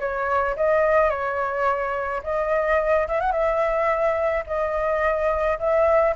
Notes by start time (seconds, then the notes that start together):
0.00 C#5
0.56 D#5
1.10 C#5
2.24 D#5
3.08 E5
3.21 F#5
3.32 E5
4.47 D#5
5.59 E5